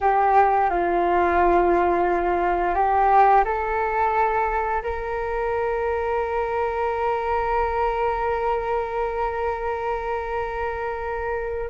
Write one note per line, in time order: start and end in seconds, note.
0.01 0.70 G4
0.70 2.75 F4
2.75 3.44 G4
3.44 4.82 A4
4.82 11.69 A#4